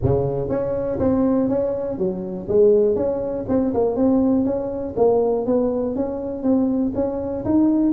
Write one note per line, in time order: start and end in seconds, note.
0.02 0.49 C#3
0.49 0.98 C#4
0.99 1.49 C4
1.49 1.98 C#4
1.98 2.47 F#3
2.48 2.95 G#3
2.95 3.45 C#4
3.48 3.73 C4
3.73 3.95 A#3
3.95 4.44 C4
4.44 4.94 C#4
4.96 5.45 A#3
5.45 5.95 B3
5.95 6.42 C#4
6.42 6.92 C4
6.94 7.44 C#4
7.44 7.92 D#4